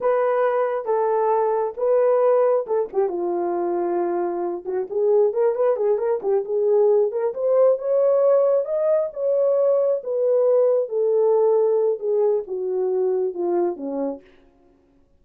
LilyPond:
\new Staff \with { instrumentName = "horn" } { \time 4/4 \tempo 4 = 135 b'2 a'2 | b'2 a'8 g'8 f'4~ | f'2~ f'8 fis'8 gis'4 | ais'8 b'8 gis'8 ais'8 g'8 gis'4. |
ais'8 c''4 cis''2 dis''8~ | dis''8 cis''2 b'4.~ | b'8 a'2~ a'8 gis'4 | fis'2 f'4 cis'4 | }